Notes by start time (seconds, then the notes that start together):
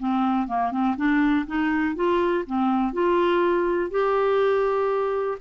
0.00 C4
0.48 A#3
0.72 C4
0.97 D4
1.47 D#4
1.96 F4
2.47 C4
2.93 F4
3.91 G4